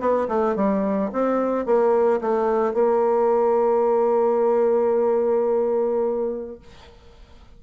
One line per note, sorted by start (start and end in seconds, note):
0.00 0.28 B3
0.28 0.56 A3
0.56 1.11 G3
1.13 1.66 C4
1.66 2.21 A#3
2.21 2.74 A3
2.74 6.59 A#3